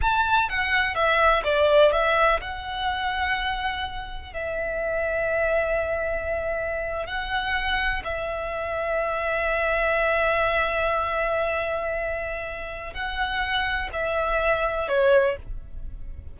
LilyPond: \new Staff \with { instrumentName = "violin" } { \time 4/4 \tempo 4 = 125 a''4 fis''4 e''4 d''4 | e''4 fis''2.~ | fis''4 e''2.~ | e''2~ e''8. fis''4~ fis''16~ |
fis''8. e''2.~ e''16~ | e''1~ | e''2. fis''4~ | fis''4 e''2 cis''4 | }